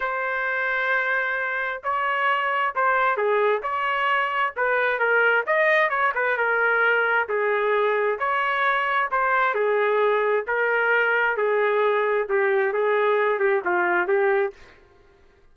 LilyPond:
\new Staff \with { instrumentName = "trumpet" } { \time 4/4 \tempo 4 = 132 c''1 | cis''2 c''4 gis'4 | cis''2 b'4 ais'4 | dis''4 cis''8 b'8 ais'2 |
gis'2 cis''2 | c''4 gis'2 ais'4~ | ais'4 gis'2 g'4 | gis'4. g'8 f'4 g'4 | }